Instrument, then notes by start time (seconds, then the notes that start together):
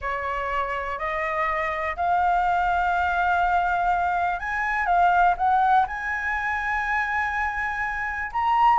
flute
0.01 C#5
0.98 D#5
1.96 F5
4.39 G#5
4.86 F5
5.37 F#5
5.87 G#5
8.32 A#5